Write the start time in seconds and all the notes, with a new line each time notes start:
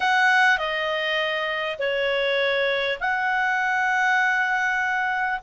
0.00 F#5
0.58 D#5
1.78 C#5
3.00 F#5